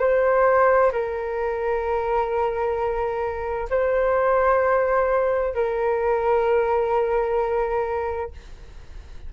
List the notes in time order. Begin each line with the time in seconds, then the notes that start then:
0.00 C5
0.92 A#4
3.70 C5
5.55 A#4